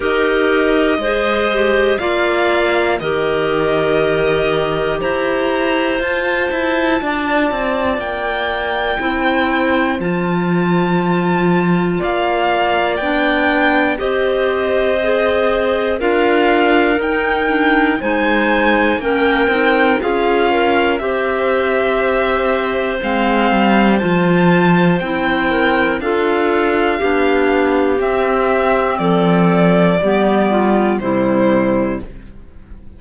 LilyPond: <<
  \new Staff \with { instrumentName = "violin" } { \time 4/4 \tempo 4 = 60 dis''2 f''4 dis''4~ | dis''4 ais''4 a''2 | g''2 a''2 | f''4 g''4 dis''2 |
f''4 g''4 gis''4 g''4 | f''4 e''2 f''4 | a''4 g''4 f''2 | e''4 d''2 c''4 | }
  \new Staff \with { instrumentName = "clarinet" } { \time 4/4 ais'4 c''4 d''4 ais'4~ | ais'4 c''2 d''4~ | d''4 c''2. | d''2 c''2 |
ais'2 c''4 ais'4 | gis'8 ais'8 c''2.~ | c''4. ais'8 a'4 g'4~ | g'4 a'4 g'8 f'8 e'4 | }
  \new Staff \with { instrumentName = "clarinet" } { \time 4/4 g'4 gis'8 g'8 f'4 g'4~ | g'2 f'2~ | f'4 e'4 f'2~ | f'4 d'4 g'4 gis'4 |
f'4 dis'8 d'8 dis'4 cis'8 dis'8 | f'4 g'2 c'4 | f'4 e'4 f'4 d'4 | c'2 b4 g4 | }
  \new Staff \with { instrumentName = "cello" } { \time 4/4 dis'4 gis4 ais4 dis4~ | dis4 e'4 f'8 e'8 d'8 c'8 | ais4 c'4 f2 | ais4 b4 c'2 |
d'4 dis'4 gis4 ais8 c'8 | cis'4 c'2 gis8 g8 | f4 c'4 d'4 b4 | c'4 f4 g4 c4 | }
>>